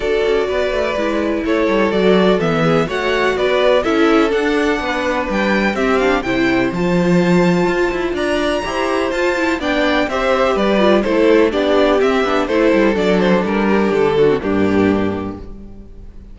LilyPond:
<<
  \new Staff \with { instrumentName = "violin" } { \time 4/4 \tempo 4 = 125 d''2. cis''4 | d''4 e''4 fis''4 d''4 | e''4 fis''2 g''4 | e''8 f''8 g''4 a''2~ |
a''4 ais''2 a''4 | g''4 e''4 d''4 c''4 | d''4 e''4 c''4 d''8 c''8 | ais'4 a'4 g'2 | }
  \new Staff \with { instrumentName = "violin" } { \time 4/4 a'4 b'2 a'4~ | a'4. gis'8 cis''4 b'4 | a'2 b'2 | g'4 c''2.~ |
c''4 d''4 c''2 | d''4 c''4 b'4 a'4 | g'2 a'2~ | a'8 g'4 fis'8 d'2 | }
  \new Staff \with { instrumentName = "viola" } { \time 4/4 fis'2 e'2 | fis'4 b4 fis'2 | e'4 d'2. | c'8 d'8 e'4 f'2~ |
f'2 g'4 f'8 e'8 | d'4 g'4. f'8 e'4 | d'4 c'8 d'8 e'4 d'4~ | d'4.~ d'16 c'16 ais2 | }
  \new Staff \with { instrumentName = "cello" } { \time 4/4 d'8 cis'8 b8 a8 gis4 a8 g8 | fis4 e4 a4 b4 | cis'4 d'4 b4 g4 | c'4 c4 f2 |
f'8 e'8 d'4 e'4 f'4 | b4 c'4 g4 a4 | b4 c'8 b8 a8 g8 fis4 | g4 d4 g,2 | }
>>